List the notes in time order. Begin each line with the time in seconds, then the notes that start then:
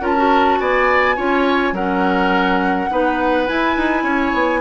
0.00 C#4 F4 A#4 A5
0.16 F#4
0.59 B3 D5 G#5
1.16 C#4 F4 C#5
1.72 F#3 C#4 A#4 F#5
2.90 B3 D#4 B4
3.47 E4 G#5
3.77 D#4
4.03 C#4 C#5
4.34 B3